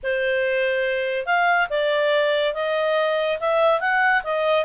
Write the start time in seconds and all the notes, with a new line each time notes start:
0.03 C5
1.26 F5
1.69 D5
2.54 D#5
3.39 E5
3.80 F#5
4.23 D#5